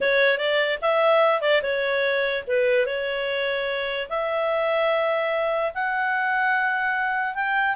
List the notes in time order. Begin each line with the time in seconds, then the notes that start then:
0.00 C#5
0.37 D5
0.81 E5
1.41 D5
1.62 C#5
2.47 B4
2.86 C#5
4.09 E5
5.74 F#5
7.35 G5